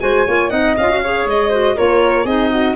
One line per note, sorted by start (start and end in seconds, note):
0.00 0.26 G#3
0.00 0.25 F#4
0.00 0.26 C5
0.00 0.50 G#5
0.26 0.51 A#3
0.26 0.50 F4
0.26 0.50 C#5
0.50 0.76 C4
0.50 0.75 D#4
0.50 1.00 D#5
0.50 0.75 F#5
0.77 1.26 C#4
0.77 0.91 F4
0.77 1.27 F5
0.91 1.03 F#4
1.03 1.51 G#4
1.03 1.50 C#5
1.26 1.76 G#3
1.26 1.78 D#5
1.50 1.76 F#4
1.50 1.75 C5
1.75 2.24 A#3
1.75 2.26 F4
1.75 2.24 A#4
1.75 2.26 C#5
2.24 2.74 C4
2.24 2.75 D#4
2.24 2.49 G#4
2.24 2.75 D#5
2.50 2.75 F#4